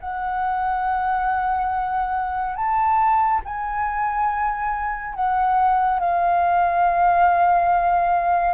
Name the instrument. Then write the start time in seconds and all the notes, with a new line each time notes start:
flute
0.00 F#5
2.56 A5
3.45 G#5
5.14 F#5
6.00 F5